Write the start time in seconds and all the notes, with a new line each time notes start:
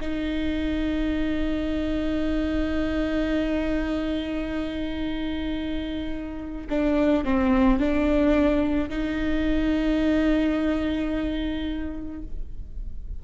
0.00 D#4
6.69 D4
7.24 C4
7.79 D4
8.89 D#4